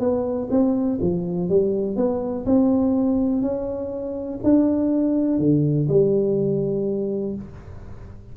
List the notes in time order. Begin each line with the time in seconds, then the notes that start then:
0.00 B3
0.51 C4
1.01 F3
1.49 G3
1.96 B3
2.46 C4
3.42 C#4
4.44 D4
5.39 D3
5.89 G3